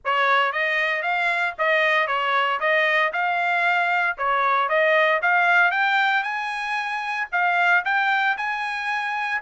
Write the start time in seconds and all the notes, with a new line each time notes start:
0.05 C#5
0.52 D#5
1.02 F5
1.58 D#5
2.07 C#5
2.60 D#5
3.12 F5
4.17 C#5
4.68 D#5
5.22 F5
5.71 G5
6.23 G#5
7.32 F5
7.84 G5
8.37 G#5